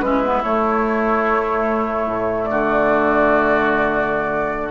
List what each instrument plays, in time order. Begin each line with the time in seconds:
0.00 bassoon G#3, clarinet C#4, oboe E4, flute B4
0.23 clarinet B3
0.42 bassoon A3, clarinet A3, flute C#5
2.06 bassoon A2
2.44 bassoon D3, oboe F#4, flute D5